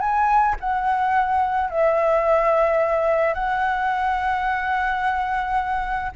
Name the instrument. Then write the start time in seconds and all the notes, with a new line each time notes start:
flute
0.00 G#5
0.60 F#5
1.70 E5
3.34 F#5